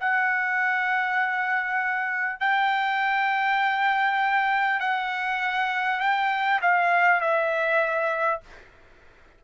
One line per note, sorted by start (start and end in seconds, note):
0.00 2.40 F#5
2.41 4.81 G5
4.81 6.01 F#5
6.01 6.61 G5
6.62 7.21 F5
7.21 8.41 E5